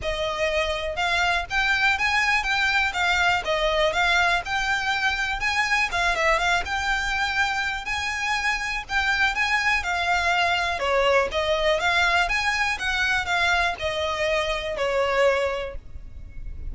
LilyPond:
\new Staff \with { instrumentName = "violin" } { \time 4/4 \tempo 4 = 122 dis''2 f''4 g''4 | gis''4 g''4 f''4 dis''4 | f''4 g''2 gis''4 | f''8 e''8 f''8 g''2~ g''8 |
gis''2 g''4 gis''4 | f''2 cis''4 dis''4 | f''4 gis''4 fis''4 f''4 | dis''2 cis''2 | }